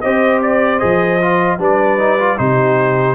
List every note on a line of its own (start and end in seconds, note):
0.00 0.82 C4
0.00 0.79 G4
0.00 1.58 C5
0.00 0.39 D#5
0.42 0.79 D5
0.79 1.58 F3
0.79 1.18 G#4
0.79 1.58 D#5
1.21 1.59 F4
1.58 2.37 G3
1.58 1.98 D4
1.58 2.37 B4
1.58 2.37 D5
1.98 2.18 D#4
2.18 2.37 F4
2.37 3.15 C3
2.37 3.15 D#4
2.37 3.15 G4
2.37 3.15 C5